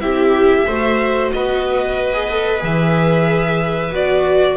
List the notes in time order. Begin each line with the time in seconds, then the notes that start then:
0.00 C4 E4 G4 E5
0.67 A3 F#4 C5
1.32 B3 B4 D#5
2.13 G#4
2.30 A4
2.59 E3 G#4 E5
3.92 B3 F#4 D5